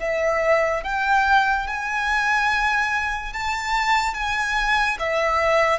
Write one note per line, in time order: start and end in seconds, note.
0.00 0.83 E5
0.84 1.67 G5
1.67 3.33 G#5
3.33 4.14 A5
4.14 4.97 G#5
4.99 5.79 E5